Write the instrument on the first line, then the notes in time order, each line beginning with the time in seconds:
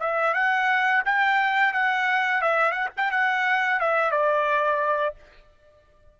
trumpet
0.00 E5
0.34 F#5
1.05 G5
1.73 F#5
2.41 E5
2.71 F#5
2.97 G5
3.11 F#5
3.80 E5
4.11 D5